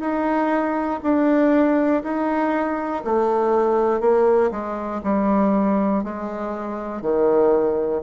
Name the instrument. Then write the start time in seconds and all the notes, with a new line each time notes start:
bassoon
0.00 D#4
1.02 D4
2.03 D#4
3.04 A3
4.00 A#3
4.51 G#3
5.04 G3
6.03 G#3
7.02 D#3